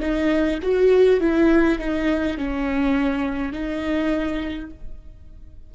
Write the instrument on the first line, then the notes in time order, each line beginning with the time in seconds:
viola
0.00 D#4
0.62 F#4
1.20 E4
1.79 D#4
2.37 C#4
3.52 D#4